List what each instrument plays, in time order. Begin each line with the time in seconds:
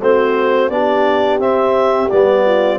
0.00 tuba A3, trombone C4, horn F#4, clarinet C5
0.69 tuba B3, trombone D4, horn G4, clarinet D5
1.39 trombone C4, tuba C4, clarinet E5
2.09 tuba G3, trombone B3, clarinet D5
2.45 horn F4